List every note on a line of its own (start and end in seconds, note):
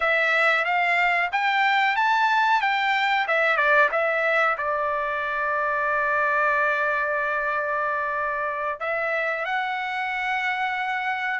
0.00 0.64 E5
0.64 1.30 F5
1.32 1.96 G5
1.96 2.61 A5
2.61 3.26 G5
3.27 3.56 E5
3.56 3.89 D5
3.91 4.57 E5
4.57 8.80 D5
8.80 9.45 E5
9.45 11.39 F#5